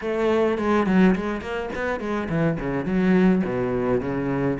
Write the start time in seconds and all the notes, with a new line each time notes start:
0.01 A3
0.58 G#3
0.86 F#3
1.15 G#3
1.41 A#3
1.75 B3
1.99 G#3
2.29 E3
2.59 C#3
2.85 F#3
3.44 B2
4.00 C#3